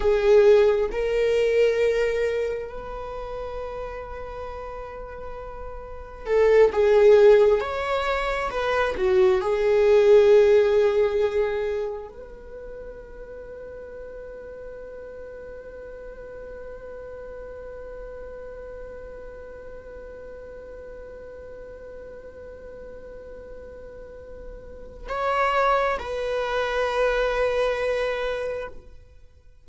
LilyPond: \new Staff \with { instrumentName = "viola" } { \time 4/4 \tempo 4 = 67 gis'4 ais'2 b'4~ | b'2. a'8 gis'8~ | gis'8 cis''4 b'8 fis'8 gis'4.~ | gis'4. b'2~ b'8~ |
b'1~ | b'1~ | b'1 | cis''4 b'2. | }